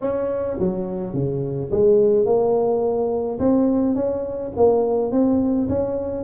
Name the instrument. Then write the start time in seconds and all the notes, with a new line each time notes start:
tuba
0.01 C#4
0.59 F#3
1.13 C#3
1.71 G#3
2.25 A#3
3.39 C4
3.95 C#4
4.56 A#3
5.11 C4
5.68 C#4